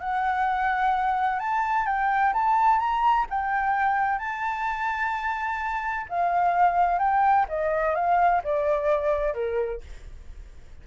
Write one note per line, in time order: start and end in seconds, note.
0.00 1.40 F#5
1.40 1.87 A5
1.87 2.34 G5
2.34 2.80 A5
2.80 3.26 A#5
3.30 4.19 G5
4.19 6.07 A5
6.09 6.99 F5
6.99 7.46 G5
7.49 7.95 D#5
7.95 8.42 F5
8.44 9.34 D5
9.34 9.81 A#4